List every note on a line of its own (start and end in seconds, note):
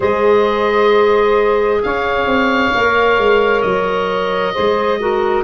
0.00 1.82 G#3
0.00 2.73 G#4
0.00 1.80 C5
0.00 1.83 D#5
1.83 2.25 C#4
1.83 4.53 C#5
1.83 3.61 F5
2.25 2.71 C4
2.73 3.17 A#3
2.73 4.55 A#4
3.17 3.63 G#3
3.61 4.55 F#3
3.61 5.43 D#5
4.53 5.43 G#3
4.53 5.00 G#4
4.53 4.99 C5
4.99 5.43 F#4
4.99 5.43 A#4